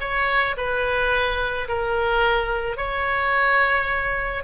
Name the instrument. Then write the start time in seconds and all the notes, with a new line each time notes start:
oboe
0.00 C#5
0.56 B4
1.68 A#4
2.77 C#5